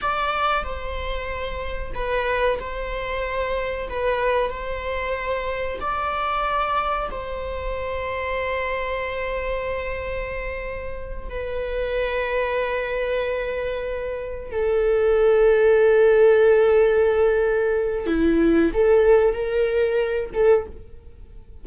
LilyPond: \new Staff \with { instrumentName = "viola" } { \time 4/4 \tempo 4 = 93 d''4 c''2 b'4 | c''2 b'4 c''4~ | c''4 d''2 c''4~ | c''1~ |
c''4. b'2~ b'8~ | b'2~ b'8 a'4.~ | a'1 | e'4 a'4 ais'4. a'8 | }